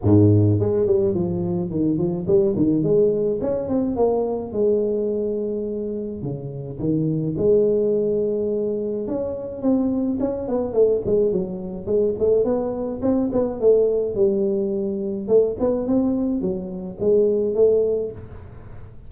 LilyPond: \new Staff \with { instrumentName = "tuba" } { \time 4/4 \tempo 4 = 106 gis,4 gis8 g8 f4 dis8 f8 | g8 dis8 gis4 cis'8 c'8 ais4 | gis2. cis4 | dis4 gis2. |
cis'4 c'4 cis'8 b8 a8 gis8 | fis4 gis8 a8 b4 c'8 b8 | a4 g2 a8 b8 | c'4 fis4 gis4 a4 | }